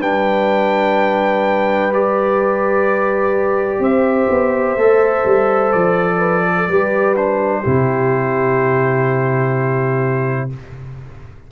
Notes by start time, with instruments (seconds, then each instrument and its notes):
0.00 tuba G3, trombone D4, horn B4, trumpet G5
1.92 trombone G4, trumpet D5
3.79 tuba C4, horn C5, trumpet E5
4.29 tuba B3
4.76 tuba A3, trombone A4
5.25 tuba G3
5.72 tuba F3, trumpet D5
6.18 horn B4
6.45 horn A4
6.68 tuba G3, trombone G4, horn B4
7.15 trombone D4, trumpet C5
7.61 tuba C3, trombone E4, horn G4